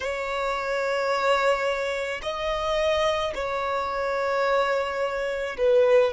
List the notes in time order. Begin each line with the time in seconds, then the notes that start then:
0.00 C#5
2.22 D#5
3.34 C#5
5.57 B4